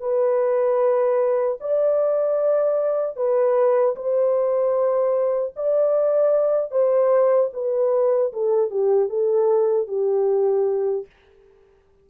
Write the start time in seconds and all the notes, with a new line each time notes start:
0.00 B4
1.61 D5
3.17 B4
3.96 C5
5.56 D5
6.71 C5
7.54 B4
8.33 A4
8.71 G4
9.10 A4
9.88 G4